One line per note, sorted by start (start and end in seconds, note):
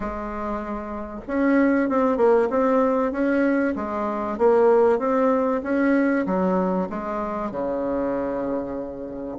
0.00 1.20 G#3
1.27 1.89 C#4
1.89 2.17 C4
2.17 2.48 A#3
2.50 3.11 C4
3.11 3.74 C#4
3.75 4.38 G#3
4.38 4.99 A#3
4.99 5.61 C4
5.63 6.25 C#4
6.26 6.88 F#3
6.89 7.51 G#3
7.51 9.38 C#3